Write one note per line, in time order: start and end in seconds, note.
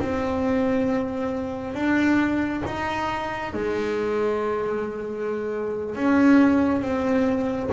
0.00 1.75 C4
1.75 2.63 D4
2.66 3.54 D#4
3.54 5.96 G#3
5.96 6.82 C#4
6.82 7.70 C4